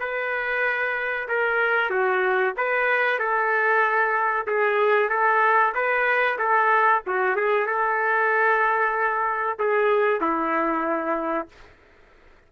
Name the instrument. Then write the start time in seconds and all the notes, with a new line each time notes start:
trumpet
0.00 B4
1.29 A#4
1.90 F#4
2.57 B4
3.19 A4
4.47 G#4
5.09 A4
5.74 B4
6.39 A4
7.07 F#4
7.36 G#4
7.67 A4
9.59 G#4
10.21 E4